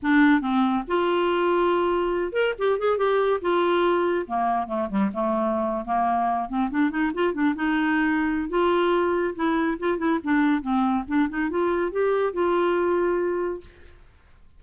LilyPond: \new Staff \with { instrumentName = "clarinet" } { \time 4/4 \tempo 4 = 141 d'4 c'4 f'2~ | f'4. ais'8 g'8 gis'8 g'4 | f'2 ais4 a8 g8 | a4.~ a16 ais4. c'8 d'16~ |
d'16 dis'8 f'8 d'8 dis'2~ dis'16 | f'2 e'4 f'8 e'8 | d'4 c'4 d'8 dis'8 f'4 | g'4 f'2. | }